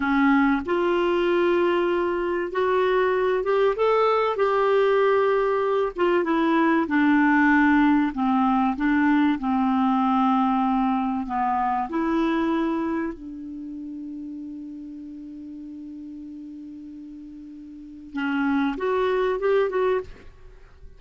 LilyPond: \new Staff \with { instrumentName = "clarinet" } { \time 4/4 \tempo 4 = 96 cis'4 f'2. | fis'4. g'8 a'4 g'4~ | g'4. f'8 e'4 d'4~ | d'4 c'4 d'4 c'4~ |
c'2 b4 e'4~ | e'4 d'2.~ | d'1~ | d'4 cis'4 fis'4 g'8 fis'8 | }